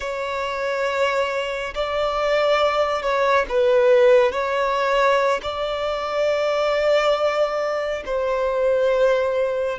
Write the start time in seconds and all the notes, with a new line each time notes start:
0.00 C#5
1.74 D5
3.02 C#5
3.48 B4
4.32 C#5
5.42 D5
8.05 C5